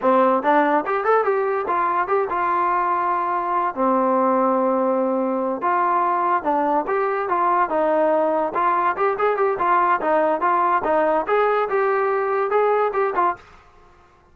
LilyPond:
\new Staff \with { instrumentName = "trombone" } { \time 4/4 \tempo 4 = 144 c'4 d'4 g'8 a'8 g'4 | f'4 g'8 f'2~ f'8~ | f'4 c'2.~ | c'4. f'2 d'8~ |
d'8 g'4 f'4 dis'4.~ | dis'8 f'4 g'8 gis'8 g'8 f'4 | dis'4 f'4 dis'4 gis'4 | g'2 gis'4 g'8 f'8 | }